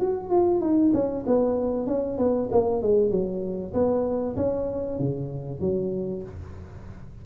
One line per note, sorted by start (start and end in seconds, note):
0.00 0.30 F#4
0.30 0.61 F4
0.61 0.92 D#4
0.93 1.25 C#4
1.26 1.87 B3
1.87 2.18 C#4
2.18 2.49 B3
2.51 2.82 A#3
2.82 3.11 G#3
3.11 3.73 F#3
3.74 4.36 B3
4.37 4.99 C#4
4.99 5.61 C#3
5.61 6.23 F#3